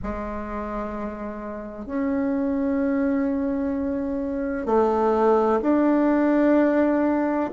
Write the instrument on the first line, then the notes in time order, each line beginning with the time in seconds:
bassoon
0.03 G#3
1.85 C#4
4.66 A3
5.62 D4